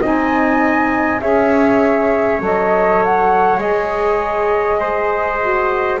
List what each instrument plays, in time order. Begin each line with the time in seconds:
0.00 double bass C4, saxophone D#4, trumpet D#5, flute G#5
1.20 double bass C#4, saxophone G#4, trumpet C#5, flute E5
2.39 double bass F#3, saxophone A4, flute D#5
3.04 flute F#5
3.57 double bass G#3, saxophone G#4, flute D#5
4.79 trumpet C5
5.40 saxophone F#4